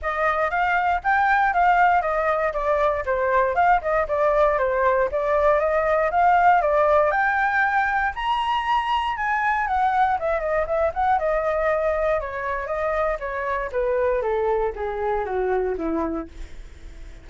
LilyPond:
\new Staff \with { instrumentName = "flute" } { \time 4/4 \tempo 4 = 118 dis''4 f''4 g''4 f''4 | dis''4 d''4 c''4 f''8 dis''8 | d''4 c''4 d''4 dis''4 | f''4 d''4 g''2 |
ais''2 gis''4 fis''4 | e''8 dis''8 e''8 fis''8 dis''2 | cis''4 dis''4 cis''4 b'4 | a'4 gis'4 fis'4 e'4 | }